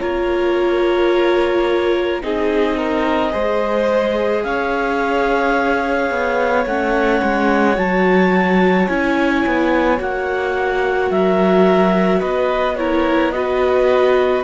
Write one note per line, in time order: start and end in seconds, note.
0.00 2.23 A#3
0.00 2.22 F4
0.00 2.23 A#4
0.00 2.22 C#5
2.22 3.34 C4
2.22 3.31 D#4
2.22 2.78 G#4
2.22 4.44 D#5
2.78 3.33 A#4
3.31 4.45 G#3
3.31 6.65 G#4
3.31 4.44 C5
4.44 6.11 C#4
4.44 11.12 C#5
4.44 6.66 F5
6.11 6.66 B3
6.66 7.22 A3
6.66 7.75 C#4
6.66 7.78 F#5
7.23 7.78 G#3
7.75 8.89 F#3
7.75 8.87 F#4
7.75 8.88 A5
8.88 9.45 C#4
8.88 9.98 E4
8.88 9.99 G#5
9.46 10.00 B3
9.98 11.11 A#3
9.98 12.76 F#4
9.98 11.11 F#5
11.11 12.22 F#3
11.11 12.20 A#4
11.11 12.21 E5
12.20 14.44 B3
12.20 12.75 B4
12.20 12.76 D#5
12.76 13.34 E4
12.76 13.35 A#4
12.76 13.32 C#5
13.32 14.44 F#4
13.32 14.44 B4
13.32 14.43 D#5